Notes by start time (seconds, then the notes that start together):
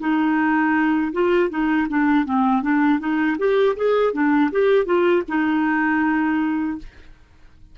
0.00 D#4
1.13 F4
1.50 D#4
1.89 D4
2.25 C4
2.62 D4
3.00 D#4
3.39 G4
3.76 G#4
4.13 D4
4.52 G4
4.85 F4
5.29 D#4